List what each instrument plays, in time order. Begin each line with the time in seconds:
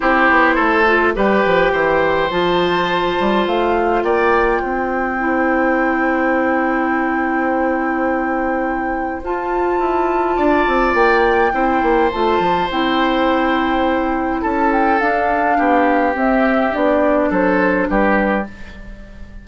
0.00 bassoon C4, clarinet E4, oboe G4, flute C5
0.29 bassoon B3
0.55 bassoon A3, oboe A4
0.86 clarinet F4
1.14 bassoon G3, clarinet G4, oboe B4, flute G5
1.45 bassoon F3
1.72 bassoon E3, oboe C5
2.30 bassoon F3, clarinet F4, flute A5
3.20 bassoon G3
3.46 bassoon A3, flute F5
4.03 bassoon A#3, oboe D5, flute G5
4.62 bassoon C4, oboe C5
5.18 clarinet E4
9.23 bassoon F4, clarinet F4, flute A5
9.79 bassoon E4
10.36 bassoon D4, oboe D5
10.67 bassoon C4
10.94 bassoon A#3, flute G5
11.52 bassoon C4, clarinet E4, oboe C5
11.82 bassoon A#3
12.11 bassoon A3, clarinet F4, flute A5
12.39 bassoon F3
12.70 bassoon C4, clarinet E4, flute G5
14.41 bassoon C#4, oboe A4, flute A5
14.72 flute G5
14.99 bassoon D4, clarinet D4, flute F5
15.58 bassoon B3, oboe G4
16.13 clarinet C4, bassoon C4, flute E5
16.70 bassoon B3, clarinet D4, flute D5
17.29 bassoon F#3, oboe A4, flute C5
17.88 bassoon G3, oboe G4, flute B4